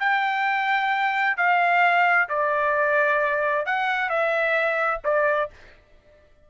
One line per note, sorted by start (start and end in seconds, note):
0.00 1.37 G5
1.37 2.29 F5
2.29 3.66 D5
3.66 4.10 F#5
4.10 5.02 E5
5.05 5.50 D5